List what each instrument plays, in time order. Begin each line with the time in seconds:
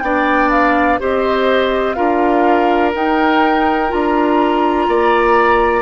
0.00 bassoon B3, clarinet D4, oboe D5, flute G5
0.50 flute F5
0.99 bassoon C4, clarinet G4, oboe C5, flute D#5
1.94 bassoon D4, clarinet F4, oboe A#4, flute F5
2.95 clarinet D#4, bassoon D#4, flute G5
3.89 bassoon D4, clarinet F4, flute A#5
4.88 bassoon A#3, oboe D5